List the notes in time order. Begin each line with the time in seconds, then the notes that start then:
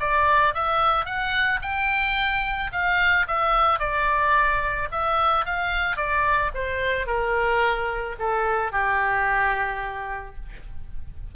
0.00 D5
0.54 E5
1.05 F#5
1.62 G5
2.72 F5
3.27 E5
3.80 D5
4.91 E5
5.45 F5
5.97 D5
6.54 C5
7.07 A#4
8.19 A4
8.72 G4